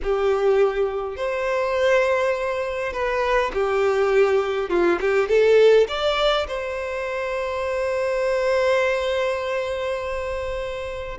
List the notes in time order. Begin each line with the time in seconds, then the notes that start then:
0.02 G4
1.16 C5
2.93 B4
3.53 G4
4.69 F4
5.01 G4
5.28 A4
5.88 D5
6.47 C5